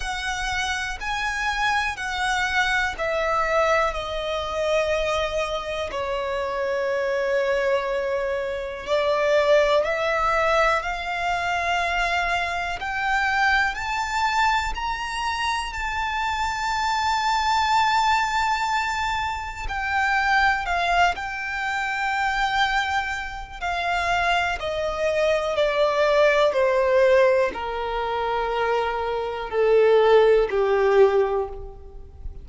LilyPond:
\new Staff \with { instrumentName = "violin" } { \time 4/4 \tempo 4 = 61 fis''4 gis''4 fis''4 e''4 | dis''2 cis''2~ | cis''4 d''4 e''4 f''4~ | f''4 g''4 a''4 ais''4 |
a''1 | g''4 f''8 g''2~ g''8 | f''4 dis''4 d''4 c''4 | ais'2 a'4 g'4 | }